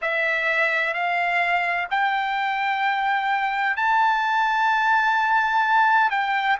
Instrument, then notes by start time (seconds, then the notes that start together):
trumpet
0.01 E5
0.93 F5
1.90 G5
3.76 A5
6.10 G5